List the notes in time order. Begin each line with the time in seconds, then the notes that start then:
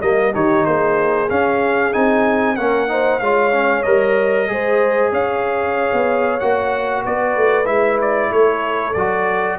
0.00 G3 A#3 D#5
0.32 D#3 D#4 G4 C#5
0.65 A#3 G#4 C5
1.29 C#4 F5
1.93 C4 D#4 G#5
2.56 A#3 C#4 A#4 F#5
2.88 D#4 C5
3.19 G#3 F4 C#5 F5
3.52 C#4
3.83 G3 A#4 D#5
4.48 G#3 G#4 C5
5.12 C#4 C#5 F5
5.92 B3
6.39 A#3 F#4 F#5
7.04 B3 B4 D5
7.36 A3
7.65 G#3 E4 E5
8.01 D5
8.31 A3 A4 C#5
8.93 F#3 F#4 D5